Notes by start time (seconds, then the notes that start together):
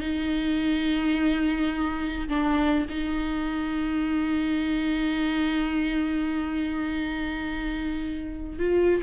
0.00 D#4
2.29 D4
2.90 D#4
8.59 F4